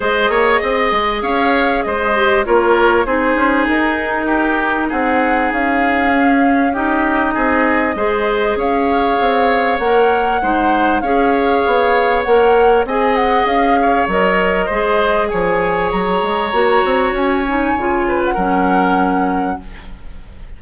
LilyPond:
<<
  \new Staff \with { instrumentName = "flute" } { \time 4/4 \tempo 4 = 98 dis''2 f''4 dis''4 | cis''4 c''4 ais'2 | fis''4 f''2 dis''4~ | dis''2 f''2 |
fis''2 f''2 | fis''4 gis''8 fis''8 f''4 dis''4~ | dis''4 gis''4 ais''2 | gis''4.~ gis''16 fis''2~ fis''16 | }
  \new Staff \with { instrumentName = "oboe" } { \time 4/4 c''8 cis''8 dis''4 cis''4 c''4 | ais'4 gis'2 g'4 | gis'2. g'4 | gis'4 c''4 cis''2~ |
cis''4 c''4 cis''2~ | cis''4 dis''4. cis''4. | c''4 cis''2.~ | cis''4. b'8 ais'2 | }
  \new Staff \with { instrumentName = "clarinet" } { \time 4/4 gis'2.~ gis'8 g'8 | f'4 dis'2.~ | dis'2 cis'4 dis'4~ | dis'4 gis'2. |
ais'4 dis'4 gis'2 | ais'4 gis'2 ais'4 | gis'2. fis'4~ | fis'8 dis'8 f'4 cis'2 | }
  \new Staff \with { instrumentName = "bassoon" } { \time 4/4 gis8 ais8 c'8 gis8 cis'4 gis4 | ais4 c'8 cis'8 dis'2 | c'4 cis'2. | c'4 gis4 cis'4 c'4 |
ais4 gis4 cis'4 b4 | ais4 c'4 cis'4 fis4 | gis4 f4 fis8 gis8 ais8 c'8 | cis'4 cis4 fis2 | }
>>